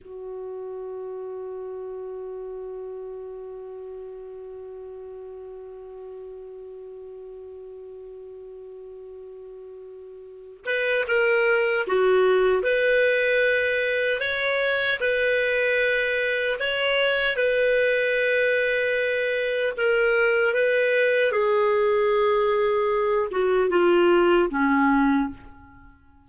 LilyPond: \new Staff \with { instrumentName = "clarinet" } { \time 4/4 \tempo 4 = 76 fis'1~ | fis'1~ | fis'1~ | fis'4. b'8 ais'4 fis'4 |
b'2 cis''4 b'4~ | b'4 cis''4 b'2~ | b'4 ais'4 b'4 gis'4~ | gis'4. fis'8 f'4 cis'4 | }